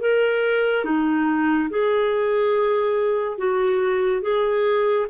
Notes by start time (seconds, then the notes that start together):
0.00 A#4
0.85 D#4
1.69 G#4
3.38 F#4
4.22 G#4